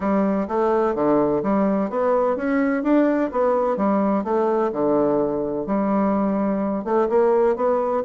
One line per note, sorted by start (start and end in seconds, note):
0.00 0.47 G3
0.48 0.94 A3
0.94 1.42 D3
1.43 1.90 G3
1.90 2.36 B3
2.36 2.83 C#4
2.83 3.30 D4
3.31 3.76 B3
3.76 4.23 G3
4.23 4.71 A3
4.72 5.66 D3
5.66 6.84 G3
6.84 7.08 A3
7.09 7.55 A#3
7.55 8.03 B3